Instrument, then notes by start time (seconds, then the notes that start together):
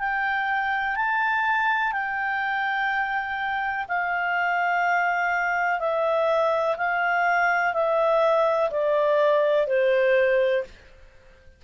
clarinet
0.00 G5
0.96 A5
1.93 G5
3.88 F5
5.80 E5
6.77 F5
7.74 E5
8.71 D5
9.68 C5